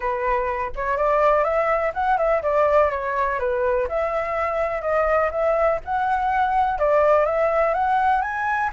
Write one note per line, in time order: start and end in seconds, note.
0.00 0.71 B4
0.75 0.97 C#5
0.97 1.43 D5
1.43 1.92 E5
1.94 2.17 F#5
2.17 2.41 E5
2.42 2.90 D5
2.91 3.39 C#5
3.39 3.87 B4
3.88 4.81 E5
4.81 5.30 D#5
5.31 5.79 E5
5.84 6.78 F#5
6.78 7.25 D5
7.25 7.74 E5
7.74 8.21 F#5
8.21 8.70 G#5